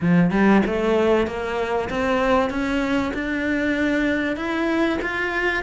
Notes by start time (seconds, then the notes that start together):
0.00 F3
0.30 G3
0.66 A3
1.26 A#3
1.89 C4
2.50 C#4
3.14 D4
4.36 E4
5.01 F4